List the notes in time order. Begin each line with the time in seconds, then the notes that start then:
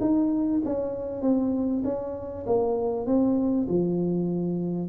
0.00 D#4
0.64 C#4
1.21 C4
1.84 C#4
2.46 A#3
3.06 C4
3.68 F3